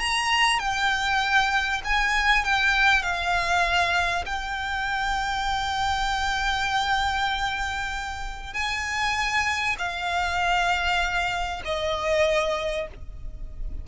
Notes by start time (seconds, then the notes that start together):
0.00 A#5
0.60 G5
1.85 G#5
2.45 G5
3.03 F5
4.26 G5
8.54 G#5
9.79 F5
11.65 D#5